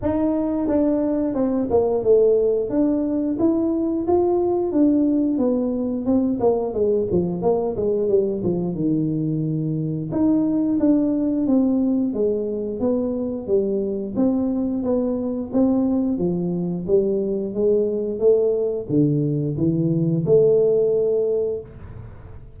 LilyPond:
\new Staff \with { instrumentName = "tuba" } { \time 4/4 \tempo 4 = 89 dis'4 d'4 c'8 ais8 a4 | d'4 e'4 f'4 d'4 | b4 c'8 ais8 gis8 f8 ais8 gis8 | g8 f8 dis2 dis'4 |
d'4 c'4 gis4 b4 | g4 c'4 b4 c'4 | f4 g4 gis4 a4 | d4 e4 a2 | }